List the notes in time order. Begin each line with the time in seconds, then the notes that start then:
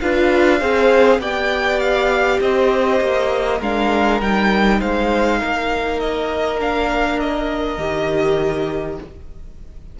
0.00 D4 F4 B4 F5
0.59 C4 G#4 C5
1.19 B3 G4 D5 G5
1.79 F5
2.40 C4 C5 D#5
3.00 A#3
3.58 G#3 D4 A#4 F5
4.20 G3 D#4 G5
4.79 G#3 C5 F5
5.38 A#3 A#4
5.99 D#5
6.58 D4 F5
7.19 D#5
7.78 D#3 G4